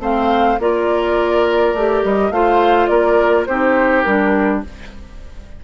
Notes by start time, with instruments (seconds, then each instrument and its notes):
0.00 bassoon A3, clarinet C4, oboe C5, flute F5
0.60 bassoon A#3, clarinet F4, oboe A#4, flute D5
1.74 bassoon A3, clarinet G4
2.04 bassoon G3, flute D#5
2.31 bassoon A3, clarinet F4, oboe C5, flute F5
2.87 bassoon A#3, oboe A#4, flute D5
3.46 bassoon C4, clarinet D#4, oboe G4, flute C5
4.03 bassoon G3, clarinet D4, flute A#4